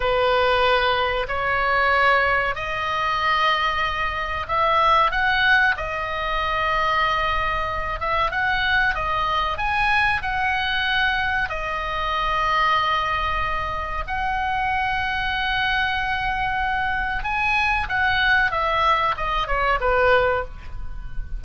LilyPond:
\new Staff \with { instrumentName = "oboe" } { \time 4/4 \tempo 4 = 94 b'2 cis''2 | dis''2. e''4 | fis''4 dis''2.~ | dis''8 e''8 fis''4 dis''4 gis''4 |
fis''2 dis''2~ | dis''2 fis''2~ | fis''2. gis''4 | fis''4 e''4 dis''8 cis''8 b'4 | }